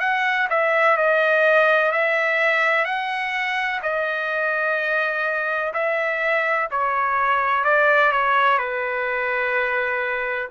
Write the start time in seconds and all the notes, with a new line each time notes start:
0.00 F#5
0.50 E5
0.97 D#5
1.92 E5
2.85 F#5
3.83 D#5
5.74 E5
6.71 C#5
7.64 D5
8.12 C#5
8.58 B4